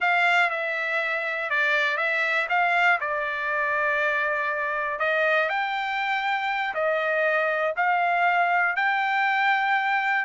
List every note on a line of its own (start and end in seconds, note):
0.00 0.50 F5
0.50 1.50 E5
1.50 1.97 D5
1.97 2.47 E5
2.49 2.99 F5
3.00 4.99 D5
4.99 5.49 D#5
5.49 6.74 G5
6.74 7.74 D#5
7.76 8.75 F5
8.75 10.25 G5